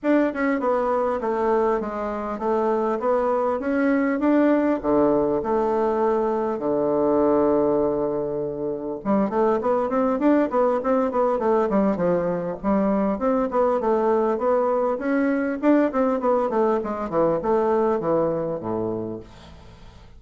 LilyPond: \new Staff \with { instrumentName = "bassoon" } { \time 4/4 \tempo 4 = 100 d'8 cis'8 b4 a4 gis4 | a4 b4 cis'4 d'4 | d4 a2 d4~ | d2. g8 a8 |
b8 c'8 d'8 b8 c'8 b8 a8 g8 | f4 g4 c'8 b8 a4 | b4 cis'4 d'8 c'8 b8 a8 | gis8 e8 a4 e4 a,4 | }